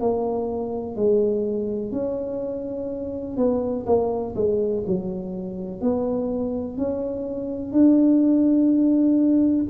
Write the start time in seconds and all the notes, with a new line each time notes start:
0.00 A#3
0.96 G#3
1.92 C#4
3.37 B3
3.86 A#3
4.35 G#3
4.87 F#3
5.81 B3
6.77 C#4
7.72 D4